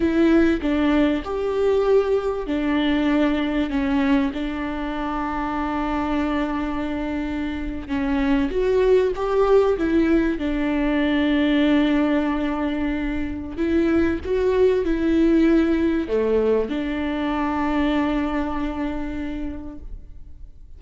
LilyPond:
\new Staff \with { instrumentName = "viola" } { \time 4/4 \tempo 4 = 97 e'4 d'4 g'2 | d'2 cis'4 d'4~ | d'1~ | d'8. cis'4 fis'4 g'4 e'16~ |
e'8. d'2.~ d'16~ | d'2 e'4 fis'4 | e'2 a4 d'4~ | d'1 | }